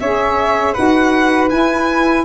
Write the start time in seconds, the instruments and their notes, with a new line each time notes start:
0.00 tuba C#4, saxophone G#4, flute C#5, violin E5
0.73 tuba D#4, saxophone F#4, flute B4, violin F#5
1.50 saxophone E4, tuba E4, violin G#5